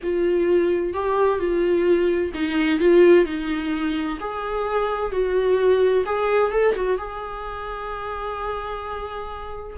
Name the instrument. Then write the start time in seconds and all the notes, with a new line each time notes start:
viola
0.03 F4
0.93 G4
1.39 F4
2.33 D#4
2.79 F4
3.25 D#4
4.20 G#4
5.11 F#4
6.05 G#4
6.51 A4
6.75 F#4
6.98 G#4